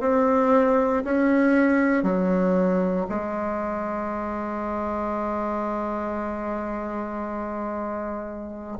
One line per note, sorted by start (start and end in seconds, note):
0.00 1.03 C4
1.04 2.03 C#4
2.03 3.06 F#3
3.09 8.78 G#3